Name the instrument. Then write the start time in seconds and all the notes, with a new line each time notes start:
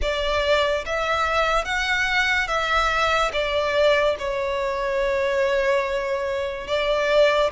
violin
0.01 D5
0.85 E5
1.64 F#5
2.47 E5
3.33 D5
4.19 C#5
6.67 D5